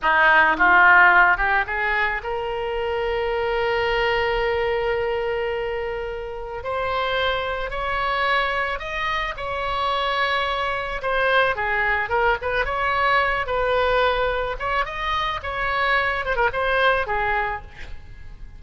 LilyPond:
\new Staff \with { instrumentName = "oboe" } { \time 4/4 \tempo 4 = 109 dis'4 f'4. g'8 gis'4 | ais'1~ | ais'1 | c''2 cis''2 |
dis''4 cis''2. | c''4 gis'4 ais'8 b'8 cis''4~ | cis''8 b'2 cis''8 dis''4 | cis''4. c''16 ais'16 c''4 gis'4 | }